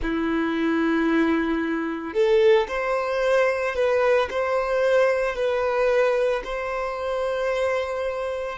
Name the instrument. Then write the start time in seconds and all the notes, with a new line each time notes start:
violin
0.02 E4
2.13 A4
2.68 C5
3.75 B4
4.30 C5
5.35 B4
6.43 C5